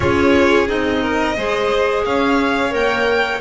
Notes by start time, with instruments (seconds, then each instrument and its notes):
0.00 double bass C#4, clarinet F4, violin G#4 C#5
0.67 double bass C4, clarinet D#4, violin D#5
1.02 violin A#4
1.36 double bass G#3, clarinet G#4, violin C5
2.05 double bass C#4, violin C#5 F5
2.69 double bass A#3, clarinet A#4, violin G5